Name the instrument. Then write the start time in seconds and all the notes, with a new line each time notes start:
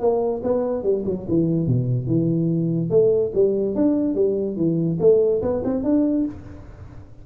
tuba
0.00 A#3
0.43 B3
0.83 G3
1.05 F#3
1.28 E3
1.67 B2
2.07 E3
2.90 A3
3.34 G3
3.75 D4
4.15 G3
4.56 E3
5.00 A3
5.42 B3
5.64 C4
5.84 D4